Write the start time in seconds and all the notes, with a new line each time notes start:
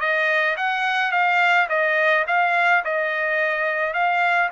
0.00 D#5
0.57 F#5
1.12 F5
1.69 D#5
2.27 F5
2.84 D#5
3.94 F5